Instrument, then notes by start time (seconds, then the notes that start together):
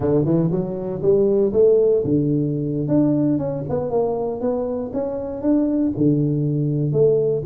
tuba
0.00 D3
0.25 E3
0.51 F#3
1.02 G3
1.52 A3
2.04 D3
2.88 D4
3.38 C#4
3.69 B3
3.90 A#3
4.40 B3
4.93 C#4
5.41 D4
5.96 D3
6.92 A3